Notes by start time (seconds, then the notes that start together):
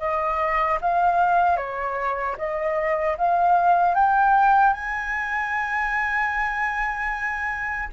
0.00 D#5
0.81 F5
1.57 C#5
2.38 D#5
3.18 F5
3.95 G5
4.73 G#5